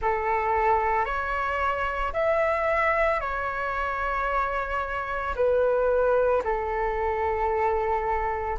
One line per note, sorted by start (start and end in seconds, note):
0.01 1.05 A4
1.05 2.12 C#5
2.13 3.20 E5
3.20 5.34 C#5
5.35 6.42 B4
6.44 8.58 A4